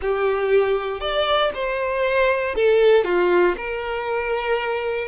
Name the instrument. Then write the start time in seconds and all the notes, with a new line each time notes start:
violin
0.01 G4
1.00 D5
1.54 C5
2.55 A4
3.04 F4
3.57 A#4